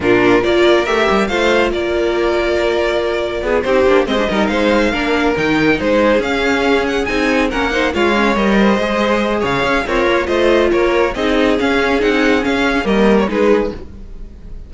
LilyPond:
<<
  \new Staff \with { instrumentName = "violin" } { \time 4/4 \tempo 4 = 140 ais'4 d''4 e''4 f''4 | d''1~ | d''8 c''4 dis''4 f''4.~ | f''8 g''4 c''4 f''4. |
fis''8 gis''4 fis''4 f''4 dis''8~ | dis''2 f''4 cis''4 | dis''4 cis''4 dis''4 f''4 | fis''4 f''4 dis''8. cis''16 b'4 | }
  \new Staff \with { instrumentName = "violin" } { \time 4/4 f'4 ais'2 c''4 | ais'1 | gis'8 g'4 c''8 ais'8 c''4 ais'8~ | ais'4. gis'2~ gis'8~ |
gis'4. ais'8 c''8 cis''4. | c''2 cis''4 f'4 | c''4 ais'4 gis'2~ | gis'2 ais'4 gis'4 | }
  \new Staff \with { instrumentName = "viola" } { \time 4/4 d'4 f'4 g'4 f'4~ | f'1~ | f'8 dis'8 d'8 c'16 d'16 dis'4. d'8~ | d'8 dis'2 cis'4.~ |
cis'8 dis'4 cis'8 dis'8 f'8 cis'8 ais'8~ | ais'8 gis'2~ gis'8 ais'4 | f'2 dis'4 cis'4 | dis'4 cis'4 ais4 dis'4 | }
  \new Staff \with { instrumentName = "cello" } { \time 4/4 ais,4 ais4 a8 g8 a4 | ais1 | b8 c'8 ais8 gis8 g8 gis4 ais8~ | ais8 dis4 gis4 cis'4.~ |
cis'8 c'4 ais4 gis4 g8~ | g8 gis4. cis8 cis'8 c'8 ais8 | a4 ais4 c'4 cis'4 | c'4 cis'4 g4 gis4 | }
>>